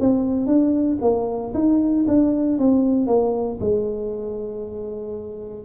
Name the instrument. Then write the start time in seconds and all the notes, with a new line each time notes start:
tuba
0.00 C4
0.47 D4
1.01 A#3
1.54 D#4
2.08 D4
2.59 C4
3.07 A#3
3.61 G#3